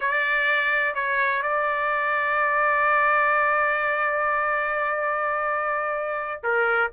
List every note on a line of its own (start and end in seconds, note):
0.00 0.94 D5
0.94 1.42 C#5
1.42 6.42 D5
6.43 6.90 A#4